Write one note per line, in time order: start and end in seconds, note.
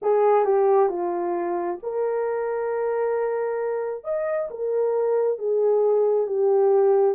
0.02 0.45 G#4
0.45 0.89 G4
0.89 1.79 F4
1.82 4.03 A#4
4.03 4.48 D#5
4.50 5.38 A#4
5.38 6.26 G#4
6.26 7.15 G4